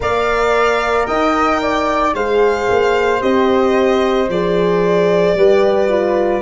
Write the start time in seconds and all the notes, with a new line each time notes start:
0.00 A#3 A#4 D5 F5
1.06 D#4 D#5 G5
1.61 D5
2.14 G#3 G#4 C5 F5
2.70 A#3
3.20 C4 G4 D#5
4.28 F3 G#4 D5
5.34 G3 G4 B4
5.88 F4